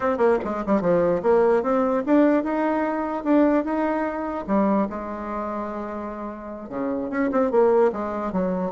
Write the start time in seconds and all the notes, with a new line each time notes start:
0.00 C4
0.17 A#3
0.44 G#3
0.66 G3
0.81 F3
1.22 A#3
1.62 C4
2.05 D4
2.43 D#4
3.24 D4
3.64 D#4
4.47 G3
4.89 G#3
6.69 C#3
7.10 C#4
7.31 C4
7.51 A#3
7.92 G#3
8.32 F#3